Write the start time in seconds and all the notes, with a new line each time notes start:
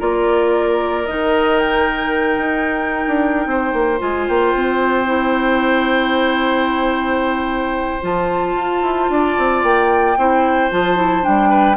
0.00 A#3 F4 A#4 D5
1.07 D#3 D#4 D#5
1.59 G5
2.38 D#4
3.08 D4
3.47 C4 C5
3.74 A#3
3.99 G#3 F4 G#5
4.28 A#3 G5
4.55 C4
5.06 E4
8.02 F3 F4 A5
8.56 F4
8.82 E4
9.09 D4 D5
9.39 C4
9.64 A#3 G5
10.18 C4 E4 C5
10.71 F3 F4 A5
10.96 E4
11.23 G3 D4 G5
11.50 B4